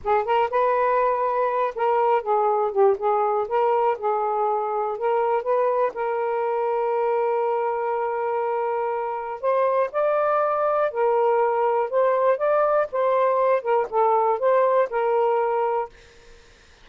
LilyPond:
\new Staff \with { instrumentName = "saxophone" } { \time 4/4 \tempo 4 = 121 gis'8 ais'8 b'2~ b'8 ais'8~ | ais'8 gis'4 g'8 gis'4 ais'4 | gis'2 ais'4 b'4 | ais'1~ |
ais'2. c''4 | d''2 ais'2 | c''4 d''4 c''4. ais'8 | a'4 c''4 ais'2 | }